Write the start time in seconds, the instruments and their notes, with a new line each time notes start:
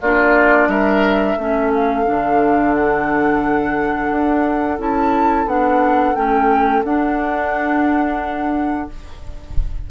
0.00 bassoon A#3, clarinet D4, oboe F4, flute D5
0.67 bassoon G3, oboe A#4, flute E5
1.37 bassoon A3, clarinet C#4, oboe A4
1.73 flute F5
2.05 bassoon D3, clarinet D4
2.74 flute F#5
4.10 bassoon D4
4.78 bassoon C#4, clarinet E4, flute A5
5.45 bassoon B3, clarinet D4, flute F#5
6.15 bassoon A3, clarinet C#4, flute G5
6.83 bassoon D4, clarinet D4, flute F#5